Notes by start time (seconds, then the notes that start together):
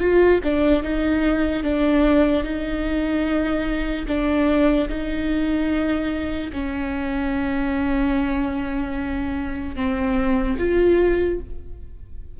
0.00 F4
0.44 D4
0.83 D#4
1.64 D4
2.44 D#4
4.08 D4
4.89 D#4
6.53 C#4
9.76 C4
10.59 F4